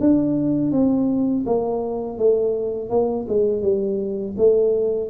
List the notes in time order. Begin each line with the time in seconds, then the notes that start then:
0.00 D4
0.72 C4
1.46 A#3
2.18 A3
2.90 A#3
3.28 G#3
3.62 G3
4.38 A3